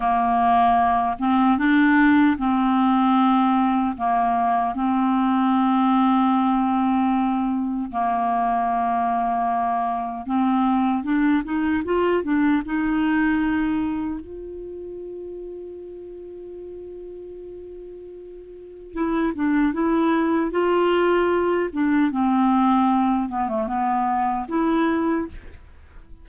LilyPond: \new Staff \with { instrumentName = "clarinet" } { \time 4/4 \tempo 4 = 76 ais4. c'8 d'4 c'4~ | c'4 ais4 c'2~ | c'2 ais2~ | ais4 c'4 d'8 dis'8 f'8 d'8 |
dis'2 f'2~ | f'1 | e'8 d'8 e'4 f'4. d'8 | c'4. b16 a16 b4 e'4 | }